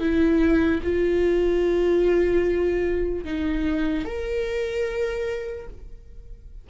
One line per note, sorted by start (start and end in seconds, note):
0.00 0.81 E4
0.83 3.25 F4
3.25 4.05 D#4
4.05 5.67 A#4